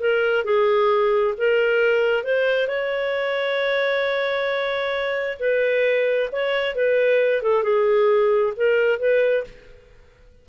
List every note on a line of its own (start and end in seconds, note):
0.00 0.45 A#4
0.45 1.35 G#4
1.38 2.24 A#4
2.24 2.68 C5
2.68 5.39 C#5
5.40 6.30 B4
6.33 6.76 C#5
6.76 7.43 B4
7.43 7.64 A4
7.64 8.54 G#4
8.57 9.00 A#4
9.00 9.45 B4